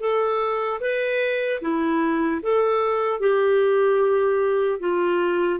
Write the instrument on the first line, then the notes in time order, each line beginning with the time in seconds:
clarinet
0.00 A4
0.80 B4
1.61 E4
2.43 A4
3.20 G4
4.79 F4